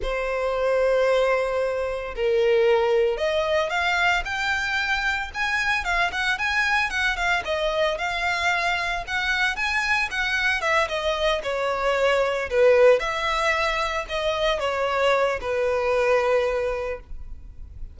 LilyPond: \new Staff \with { instrumentName = "violin" } { \time 4/4 \tempo 4 = 113 c''1 | ais'2 dis''4 f''4 | g''2 gis''4 f''8 fis''8 | gis''4 fis''8 f''8 dis''4 f''4~ |
f''4 fis''4 gis''4 fis''4 | e''8 dis''4 cis''2 b'8~ | b'8 e''2 dis''4 cis''8~ | cis''4 b'2. | }